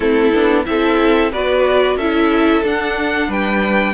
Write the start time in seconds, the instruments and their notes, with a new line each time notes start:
0.00 cello A3, viola C4, violin E4 A4
0.32 cello B3, viola D4
0.64 cello C4, viola E4, violin A4 E5
1.31 cello B3, viola F#4, violin B4 D5
1.96 cello C#4, viola E4, violin A4 E5
2.63 viola D4, cello D4, violin F#5
3.28 cello G3, violin B4 G5